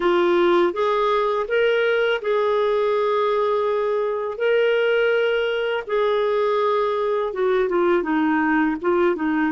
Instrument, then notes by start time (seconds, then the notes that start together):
clarinet
0.00 F4
0.73 G#4
1.48 A#4
2.21 G#4
4.37 A#4
5.86 G#4
7.33 F#4
7.68 F4
8.02 D#4
8.81 F4
9.15 D#4